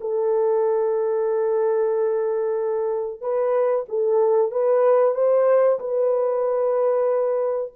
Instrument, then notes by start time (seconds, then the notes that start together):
horn
0.00 A4
3.21 B4
3.88 A4
4.51 B4
5.14 C5
5.79 B4